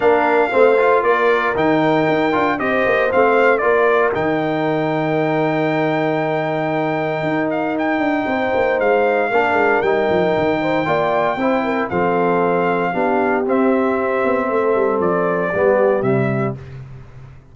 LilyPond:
<<
  \new Staff \with { instrumentName = "trumpet" } { \time 4/4 \tempo 4 = 116 f''2 d''4 g''4~ | g''4 dis''4 f''4 d''4 | g''1~ | g''2~ g''8 f''8 g''4~ |
g''4 f''2 g''4~ | g''2. f''4~ | f''2 e''2~ | e''4 d''2 e''4 | }
  \new Staff \with { instrumentName = "horn" } { \time 4/4 ais'4 c''4 ais'2~ | ais'4 c''2 ais'4~ | ais'1~ | ais'1 |
c''2 ais'2~ | ais'8 c''8 d''4 c''8 ais'8 a'4~ | a'4 g'2. | a'2 g'2 | }
  \new Staff \with { instrumentName = "trombone" } { \time 4/4 d'4 c'8 f'4. dis'4~ | dis'8 f'8 g'4 c'4 f'4 | dis'1~ | dis'1~ |
dis'2 d'4 dis'4~ | dis'4 f'4 e'4 c'4~ | c'4 d'4 c'2~ | c'2 b4 g4 | }
  \new Staff \with { instrumentName = "tuba" } { \time 4/4 ais4 a4 ais4 dis4 | dis'8 d'8 c'8 ais8 a4 ais4 | dis1~ | dis2 dis'4. d'8 |
c'8 ais8 gis4 ais8 gis8 g8 f8 | dis4 ais4 c'4 f4~ | f4 b4 c'4. b8 | a8 g8 f4 g4 c4 | }
>>